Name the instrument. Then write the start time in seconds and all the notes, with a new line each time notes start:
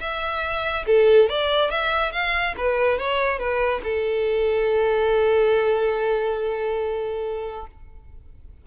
violin
0.00 E5
0.86 A4
1.29 D5
1.70 E5
2.12 F5
2.57 B4
2.98 C#5
3.38 B4
3.84 A4